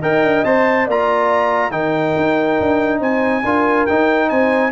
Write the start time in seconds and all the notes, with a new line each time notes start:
0.00 D#4 A#4 D#5 G5
0.22 D4
0.44 C4 C5 A5
0.85 A#3 F4 D5 A#5
1.71 D#3 D#4 A#4 G5
2.16 D#4
2.60 D4
2.99 C4 C5 G#5
3.43 D4 F4 A#4
3.86 D#4 G5
4.28 C4 C5 G#5